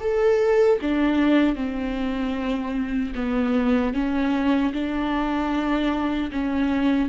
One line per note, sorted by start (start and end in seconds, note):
0.00 0.79 A4
0.81 1.55 D4
1.55 3.13 C4
3.15 3.94 B3
3.94 4.73 C#4
4.73 6.31 D4
6.32 7.09 C#4